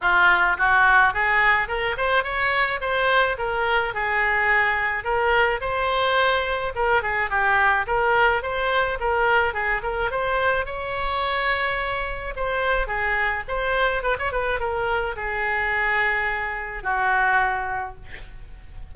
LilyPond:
\new Staff \with { instrumentName = "oboe" } { \time 4/4 \tempo 4 = 107 f'4 fis'4 gis'4 ais'8 c''8 | cis''4 c''4 ais'4 gis'4~ | gis'4 ais'4 c''2 | ais'8 gis'8 g'4 ais'4 c''4 |
ais'4 gis'8 ais'8 c''4 cis''4~ | cis''2 c''4 gis'4 | c''4 b'16 cis''16 b'8 ais'4 gis'4~ | gis'2 fis'2 | }